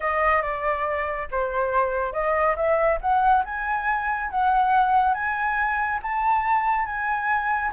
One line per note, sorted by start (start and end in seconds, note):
0.00 0.42 D#5
0.42 1.28 D5
1.31 2.12 C5
2.12 2.55 D#5
2.56 2.98 E5
3.01 3.44 F#5
3.44 4.30 G#5
4.30 5.14 F#5
5.14 5.99 G#5
6.02 6.85 A5
6.85 7.71 G#5